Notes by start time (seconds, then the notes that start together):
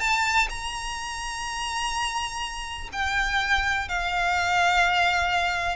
0.00 A5
0.49 A#5
2.92 G5
3.88 F5